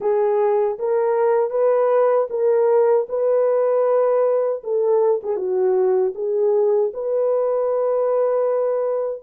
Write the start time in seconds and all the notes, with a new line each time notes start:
0.00 G#4
0.78 A#4
1.50 B4
2.30 A#4
3.08 B4
4.63 A4
5.23 G#4
5.36 F#4
6.15 G#4
6.93 B4